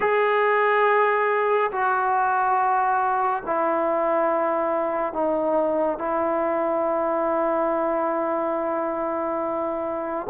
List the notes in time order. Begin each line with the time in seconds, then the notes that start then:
0.00 G#4
1.71 F#4
3.46 E4
5.13 D#4
5.98 E4